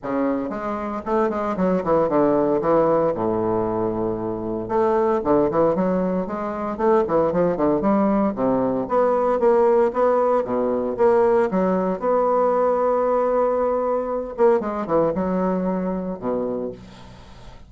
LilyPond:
\new Staff \with { instrumentName = "bassoon" } { \time 4/4 \tempo 4 = 115 cis4 gis4 a8 gis8 fis8 e8 | d4 e4 a,2~ | a,4 a4 d8 e8 fis4 | gis4 a8 e8 f8 d8 g4 |
c4 b4 ais4 b4 | b,4 ais4 fis4 b4~ | b2.~ b8 ais8 | gis8 e8 fis2 b,4 | }